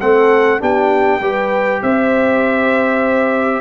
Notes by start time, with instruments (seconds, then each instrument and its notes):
0.00 tuba A3, trombone C4, horn A4, trumpet F#5
0.59 tuba B3, trombone D4, horn G4, trumpet G5
1.20 tuba G3, trombone G4, horn B4
1.82 tuba C4, horn C5, trumpet E5